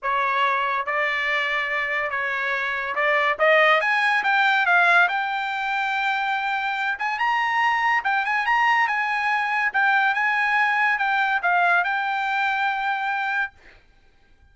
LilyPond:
\new Staff \with { instrumentName = "trumpet" } { \time 4/4 \tempo 4 = 142 cis''2 d''2~ | d''4 cis''2 d''4 | dis''4 gis''4 g''4 f''4 | g''1~ |
g''8 gis''8 ais''2 g''8 gis''8 | ais''4 gis''2 g''4 | gis''2 g''4 f''4 | g''1 | }